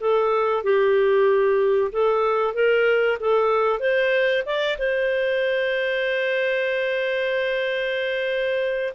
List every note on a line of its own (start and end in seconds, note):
0.00 0.63 A4
0.63 1.91 G4
1.92 2.54 A4
2.54 3.18 A#4
3.20 3.79 A4
3.79 4.43 C5
4.45 4.77 D5
4.78 8.93 C5